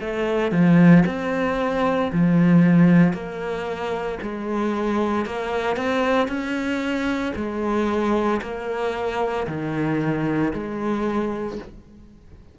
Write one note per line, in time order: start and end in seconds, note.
0.00 0.51 A3
0.51 1.04 F3
1.06 2.11 C4
2.12 3.13 F3
3.13 4.18 A#3
4.22 5.25 G#3
5.25 5.76 A#3
5.76 6.28 C4
6.28 7.33 C#4
7.35 8.41 G#3
8.41 9.46 A#3
9.47 10.52 D#3
10.53 11.58 G#3